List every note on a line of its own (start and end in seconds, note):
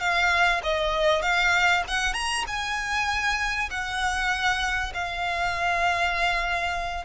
0.00 0.61 F5
0.63 1.22 D#5
1.22 1.83 F5
1.88 2.14 F#5
2.14 2.44 A#5
2.47 3.70 G#5
3.70 4.93 F#5
4.94 7.05 F5